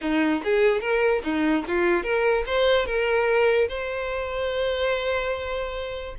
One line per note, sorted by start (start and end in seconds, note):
0.01 0.42 D#4
0.44 0.81 G#4
0.81 1.22 A#4
1.23 1.64 D#4
1.67 2.03 F4
2.03 2.44 A#4
2.46 2.86 C5
2.86 3.68 A#4
3.68 6.15 C5